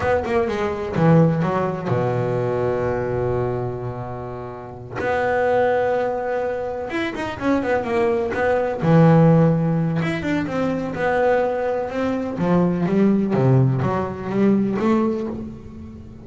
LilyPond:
\new Staff \with { instrumentName = "double bass" } { \time 4/4 \tempo 4 = 126 b8 ais8 gis4 e4 fis4 | b,1~ | b,2~ b,8 b4.~ | b2~ b8 e'8 dis'8 cis'8 |
b8 ais4 b4 e4.~ | e4 e'8 d'8 c'4 b4~ | b4 c'4 f4 g4 | c4 fis4 g4 a4 | }